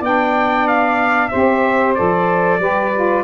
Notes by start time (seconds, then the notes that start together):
0.00 B3 D4 D5 G5
0.68 F5
1.29 C4 G4 C5 E5
1.95 F3 A4 D5
2.60 G3 G4 B4
2.95 F4